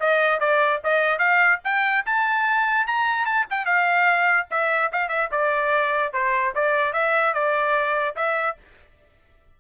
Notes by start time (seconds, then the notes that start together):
0.00 D#5
0.40 D5
0.84 D#5
1.19 F5
1.64 G5
2.06 A5
2.87 A#5
3.25 A5
3.50 G5
3.65 F5
4.50 E5
4.92 F5
5.09 E5
5.32 D5
6.13 C5
6.55 D5
6.93 E5
7.34 D5
8.16 E5